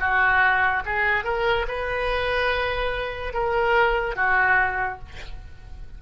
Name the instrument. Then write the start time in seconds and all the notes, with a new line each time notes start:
oboe
0.00 F#4
0.86 G#4
1.25 A#4
1.68 B4
3.34 A#4
4.16 F#4